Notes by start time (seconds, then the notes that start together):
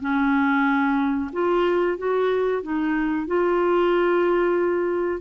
0.00 C#4
1.32 F4
1.97 F#4
2.62 D#4
3.27 F4